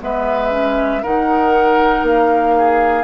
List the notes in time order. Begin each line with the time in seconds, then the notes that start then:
0.00 G#3 B3 B4 E5
0.50 C#4
1.02 D#3 D#4 A#4 F#5
2.02 A#3 F5
2.57 G#4